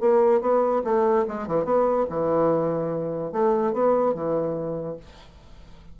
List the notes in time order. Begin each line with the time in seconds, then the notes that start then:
0.00 A#3
0.41 B3
0.84 A3
1.27 G#3
1.47 E3
1.64 B3
2.09 E3
3.32 A3
3.73 B3
4.14 E3